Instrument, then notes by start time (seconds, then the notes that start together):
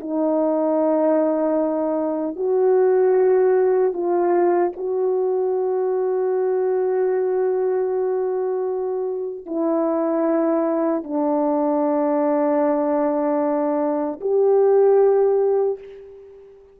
horn
0.00 D#4
2.36 F#4
3.93 F4
4.77 F#4
9.46 E4
11.03 D4
14.21 G4